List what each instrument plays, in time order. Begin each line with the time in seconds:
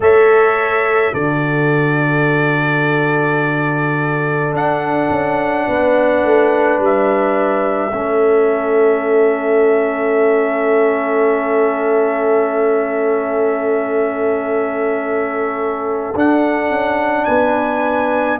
0.00 tuba A3, trombone A4, horn C#5, trumpet E5
1.13 tuba D3, trombone F#4, horn A4, trumpet D5
4.51 trombone D4, tuba D4, trumpet F#5
5.10 tuba C#4
5.67 tuba B3, horn B4
6.23 tuba A3
6.78 tuba G3
6.84 trumpet E5
7.92 tuba A3, trombone C#4, horn A4
16.14 tuba D4, trombone D4, trumpet F#5
16.70 tuba C#4
17.24 tuba B3, horn B4, trumpet G#5